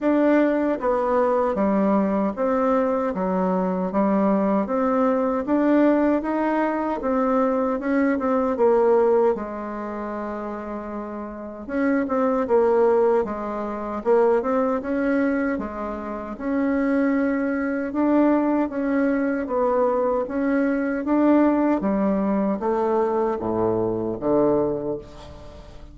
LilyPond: \new Staff \with { instrumentName = "bassoon" } { \time 4/4 \tempo 4 = 77 d'4 b4 g4 c'4 | fis4 g4 c'4 d'4 | dis'4 c'4 cis'8 c'8 ais4 | gis2. cis'8 c'8 |
ais4 gis4 ais8 c'8 cis'4 | gis4 cis'2 d'4 | cis'4 b4 cis'4 d'4 | g4 a4 a,4 d4 | }